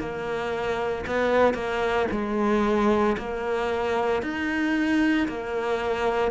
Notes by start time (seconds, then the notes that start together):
0.00 A#3
1.07 B3
1.54 A#3
2.11 G#3
3.18 A#3
4.22 D#4
5.28 A#3